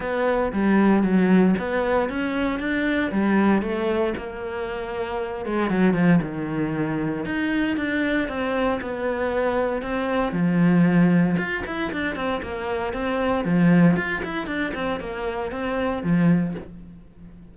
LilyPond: \new Staff \with { instrumentName = "cello" } { \time 4/4 \tempo 4 = 116 b4 g4 fis4 b4 | cis'4 d'4 g4 a4 | ais2~ ais8 gis8 fis8 f8 | dis2 dis'4 d'4 |
c'4 b2 c'4 | f2 f'8 e'8 d'8 c'8 | ais4 c'4 f4 f'8 e'8 | d'8 c'8 ais4 c'4 f4 | }